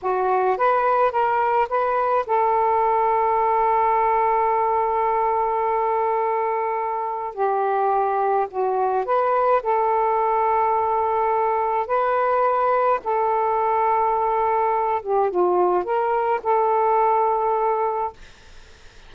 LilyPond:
\new Staff \with { instrumentName = "saxophone" } { \time 4/4 \tempo 4 = 106 fis'4 b'4 ais'4 b'4 | a'1~ | a'1~ | a'4 g'2 fis'4 |
b'4 a'2.~ | a'4 b'2 a'4~ | a'2~ a'8 g'8 f'4 | ais'4 a'2. | }